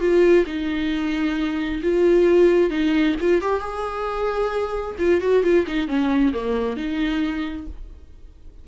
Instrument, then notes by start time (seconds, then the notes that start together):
viola
0.00 F4
0.46 D#4
1.83 F4
2.70 D#4
3.20 F4
3.41 G4
3.60 G#4
4.99 F4
5.21 F#4
5.43 F4
5.67 D#4
5.88 C#4
6.33 A#3
6.76 D#4